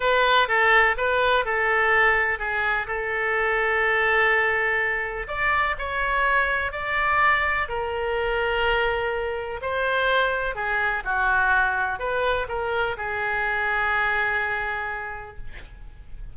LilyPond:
\new Staff \with { instrumentName = "oboe" } { \time 4/4 \tempo 4 = 125 b'4 a'4 b'4 a'4~ | a'4 gis'4 a'2~ | a'2. d''4 | cis''2 d''2 |
ais'1 | c''2 gis'4 fis'4~ | fis'4 b'4 ais'4 gis'4~ | gis'1 | }